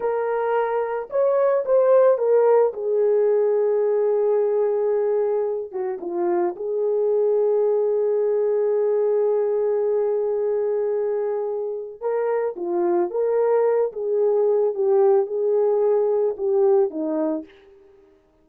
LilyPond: \new Staff \with { instrumentName = "horn" } { \time 4/4 \tempo 4 = 110 ais'2 cis''4 c''4 | ais'4 gis'2.~ | gis'2~ gis'8 fis'8 f'4 | gis'1~ |
gis'1~ | gis'2 ais'4 f'4 | ais'4. gis'4. g'4 | gis'2 g'4 dis'4 | }